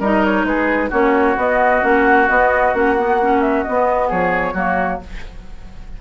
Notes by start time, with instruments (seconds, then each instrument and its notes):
0.00 bassoon G3, clarinet D#4, oboe A#4, flute D#5
0.25 flute C#5
0.44 bassoon G#3, oboe G#4, flute B4
0.90 bassoon A#3, clarinet C#4, oboe F#4, flute C#5
1.37 bassoon B3, clarinet B3, flute D#5
1.82 bassoon A#3, clarinet C#4, flute F#5
2.29 clarinet B3, bassoon B3, flute D#5
2.74 bassoon A#3, clarinet C#4, flute F#5
2.98 clarinet B3
3.21 clarinet C#4
3.41 flute E5
3.63 clarinet B3, bassoon B3, flute D#5
4.08 bassoon F3, oboe G#4, flute C#5
4.54 bassoon F#3, clarinet A#3, oboe F#4